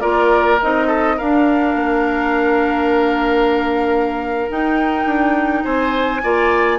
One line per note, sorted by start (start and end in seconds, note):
0.00 0.61 A#3
0.00 0.58 F4
0.00 0.87 A#4
0.00 0.58 D5
0.61 1.19 C4
0.61 1.19 D#4
0.61 1.18 D#5
0.87 1.16 A4
1.16 4.49 D4
1.16 1.74 D4
1.16 5.64 A#4
1.16 4.50 F5
1.74 4.48 A#3
4.49 6.22 D#4
4.49 5.05 D#4
4.49 5.64 G5
5.05 5.63 D4
5.64 6.22 C4
5.64 6.21 C5
5.64 6.79 G#5
6.22 6.79 A#3
6.22 6.79 F4
6.22 6.79 D5